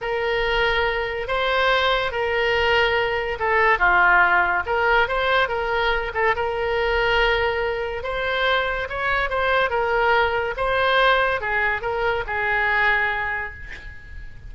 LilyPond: \new Staff \with { instrumentName = "oboe" } { \time 4/4 \tempo 4 = 142 ais'2. c''4~ | c''4 ais'2. | a'4 f'2 ais'4 | c''4 ais'4. a'8 ais'4~ |
ais'2. c''4~ | c''4 cis''4 c''4 ais'4~ | ais'4 c''2 gis'4 | ais'4 gis'2. | }